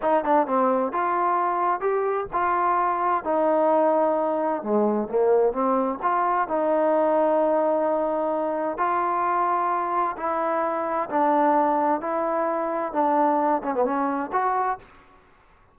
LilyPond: \new Staff \with { instrumentName = "trombone" } { \time 4/4 \tempo 4 = 130 dis'8 d'8 c'4 f'2 | g'4 f'2 dis'4~ | dis'2 gis4 ais4 | c'4 f'4 dis'2~ |
dis'2. f'4~ | f'2 e'2 | d'2 e'2 | d'4. cis'16 b16 cis'4 fis'4 | }